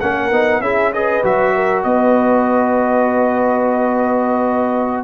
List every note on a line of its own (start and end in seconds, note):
0.00 0.31 A#3
0.00 0.32 C#4
0.00 0.62 A#4
0.00 0.61 F#5
0.31 0.60 B3
0.31 0.62 D#4
0.60 1.21 C#4
0.60 0.93 E4
0.60 0.93 G#4
0.60 0.92 E5
0.93 1.23 G#4
0.93 1.55 B4
0.93 1.24 D#5
1.23 1.84 F#3
1.23 5.04 F#4
1.23 1.83 E5
1.55 1.84 A#4
1.83 5.04 B3
1.83 5.04 B4
1.83 5.04 D#5